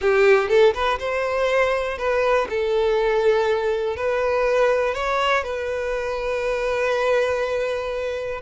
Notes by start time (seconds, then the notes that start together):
0.01 G4
0.48 A4
0.73 B4
0.99 C5
1.97 B4
2.49 A4
3.96 B4
4.94 C#5
5.43 B4